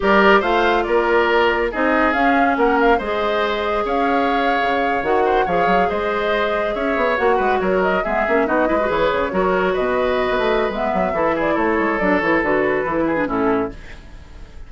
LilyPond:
<<
  \new Staff \with { instrumentName = "flute" } { \time 4/4 \tempo 4 = 140 d''4 f''4 d''2 | dis''4 f''4 fis''8 f''8 dis''4~ | dis''4 f''2~ f''8. fis''16~ | fis''8. f''4 dis''2 e''16~ |
e''8. fis''4 cis''8 dis''8 e''4 dis''16~ | dis''8. cis''2 dis''4~ dis''16~ | dis''4 e''4. d''8 cis''4 | d''8 cis''8 b'2 a'4 | }
  \new Staff \with { instrumentName = "oboe" } { \time 4/4 ais'4 c''4 ais'2 | gis'2 ais'4 c''4~ | c''4 cis''2.~ | cis''16 c''8 cis''4 c''2 cis''16~ |
cis''4~ cis''16 b'8 ais'4 gis'4 fis'16~ | fis'16 b'4. ais'4 b'4~ b'16~ | b'2 a'8 gis'8 a'4~ | a'2~ a'8 gis'8 e'4 | }
  \new Staff \with { instrumentName = "clarinet" } { \time 4/4 g'4 f'2. | dis'4 cis'2 gis'4~ | gis'2.~ gis'8. fis'16~ | fis'8. gis'2.~ gis'16~ |
gis'8. fis'2 b8 cis'8 dis'16~ | dis'16 e'16 fis'16 gis'4 fis'2~ fis'16~ | fis'4 b4 e'2 | d'8 e'8 fis'4 e'8. d'16 cis'4 | }
  \new Staff \with { instrumentName = "bassoon" } { \time 4/4 g4 a4 ais2 | c'4 cis'4 ais4 gis4~ | gis4 cis'4.~ cis'16 cis4 dis16~ | dis8. f8 fis8 gis2 cis'16~ |
cis'16 b8 ais8 gis8 fis4 gis8 ais8 b16~ | b16 gis8 e8 cis8 fis4 b,4~ b,16 | b16 a8. gis8 fis8 e4 a8 gis8 | fis8 e8 d4 e4 a,4 | }
>>